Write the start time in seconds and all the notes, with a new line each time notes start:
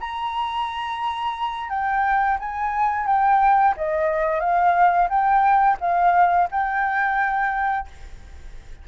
0.00 A#5
1.70 G5
2.40 G#5
3.07 G5
3.77 D#5
4.40 F5
5.10 G5
5.80 F5
6.51 G5